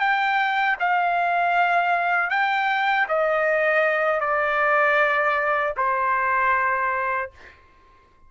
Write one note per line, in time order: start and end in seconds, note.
0.00 0.77 G5
0.80 2.30 F5
2.30 3.07 G5
3.09 4.21 D#5
4.21 5.74 D5
5.77 7.31 C5